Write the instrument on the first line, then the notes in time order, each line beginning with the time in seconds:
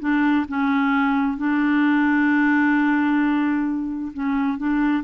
clarinet
0.00 D4
0.48 C#4
1.37 D4
4.13 C#4
4.58 D4